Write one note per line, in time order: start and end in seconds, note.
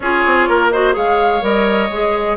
0.00 0.23 C#4
0.00 0.73 F4
0.00 0.48 G#4
0.00 0.69 C#5
0.26 0.48 C4
0.48 0.95 A#3
0.48 0.72 A#4
0.70 0.92 F#4
0.70 0.95 C5
0.70 0.94 D#5
0.92 1.42 G#3
0.92 1.40 G#4
0.92 2.36 C#5
0.92 1.44 F5
1.41 1.89 G3
1.41 1.88 A#4
1.41 2.36 D#5
1.89 2.36 G#3
1.89 2.36 G#4